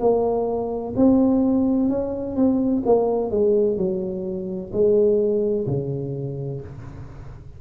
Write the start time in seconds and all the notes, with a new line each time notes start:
0.00 A#3
0.96 C4
1.89 C#4
2.36 C4
2.86 A#3
3.31 G#3
3.77 F#3
4.73 G#3
5.67 C#3